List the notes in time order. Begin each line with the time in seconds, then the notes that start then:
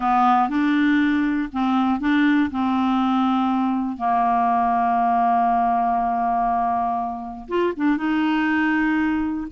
0.00 B3
0.49 D4
1.52 C4
2.00 D4
2.50 C4
3.97 A#3
7.48 F4
7.76 D4
7.97 D#4